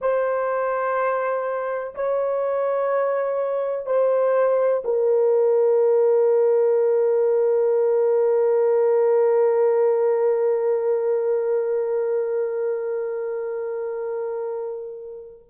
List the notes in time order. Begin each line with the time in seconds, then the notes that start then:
0.00 C5
1.94 C#5
3.86 C5
4.84 A#4